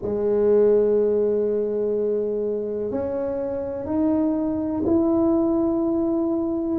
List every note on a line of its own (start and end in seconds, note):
0.02 2.91 G#3
2.91 3.85 C#4
3.85 4.82 D#4
4.85 6.79 E4